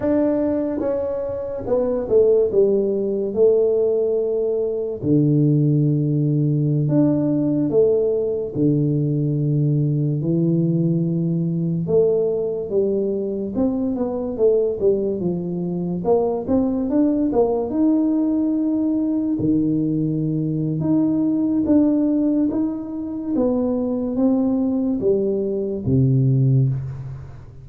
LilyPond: \new Staff \with { instrumentName = "tuba" } { \time 4/4 \tempo 4 = 72 d'4 cis'4 b8 a8 g4 | a2 d2~ | d16 d'4 a4 d4.~ d16~ | d16 e2 a4 g8.~ |
g16 c'8 b8 a8 g8 f4 ais8 c'16~ | c'16 d'8 ais8 dis'2 dis8.~ | dis4 dis'4 d'4 dis'4 | b4 c'4 g4 c4 | }